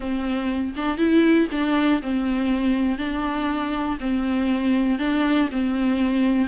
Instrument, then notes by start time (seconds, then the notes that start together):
viola
0.00 C4
0.76 D4
0.97 E4
1.51 D4
2.01 C4
2.97 D4
4.00 C4
4.98 D4
5.51 C4